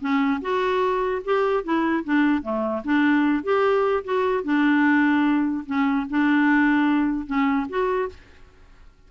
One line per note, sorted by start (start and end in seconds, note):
0.00 0.40 C#4
0.41 1.22 F#4
1.24 1.63 G4
1.63 2.04 E4
2.04 2.42 D4
2.42 2.82 A3
2.84 3.43 D4
3.43 4.04 G4
4.04 4.43 F#4
4.43 5.64 D4
5.66 6.06 C#4
6.09 7.26 D4
7.26 7.66 C#4
7.68 8.09 F#4